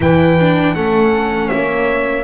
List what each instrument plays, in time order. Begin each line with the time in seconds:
0.00 double bass E3, viola E4, horn B4, trumpet G5
0.40 viola D4
0.74 double bass A3, viola C#4, horn A4, trumpet F#5
1.48 double bass A#3, horn C#5, trumpet E5